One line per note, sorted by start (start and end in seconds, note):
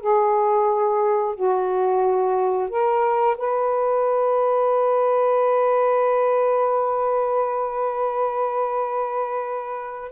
0.00 1.35 G#4
1.35 2.69 F#4
2.69 3.37 A#4
3.37 10.11 B4